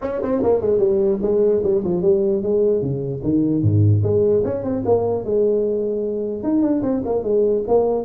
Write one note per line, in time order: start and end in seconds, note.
0.01 0.21 C#4
0.22 0.42 C4
0.42 0.61 A#3
0.61 0.79 G#3
0.79 1.19 G3
1.22 1.62 G#3
1.63 1.83 G3
1.83 2.02 F3
2.02 2.42 G3
2.42 2.81 G#3
2.81 3.21 C#3
3.23 3.62 D#3
3.62 4.02 G#2
4.03 4.43 G#3
4.44 4.63 C#4
4.63 4.83 C4
4.85 5.24 A#3
5.24 6.43 G#3
6.43 6.62 D#4
6.62 6.82 D4
6.82 7.02 C4
7.05 7.23 A#3
7.23 7.63 G#3
7.67 8.04 A#3